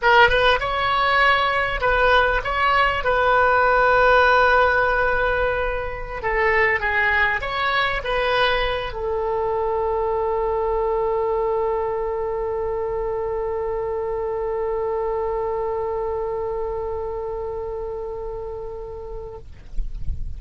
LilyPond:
\new Staff \with { instrumentName = "oboe" } { \time 4/4 \tempo 4 = 99 ais'8 b'8 cis''2 b'4 | cis''4 b'2.~ | b'2~ b'16 a'4 gis'8.~ | gis'16 cis''4 b'4. a'4~ a'16~ |
a'1~ | a'1~ | a'1~ | a'1 | }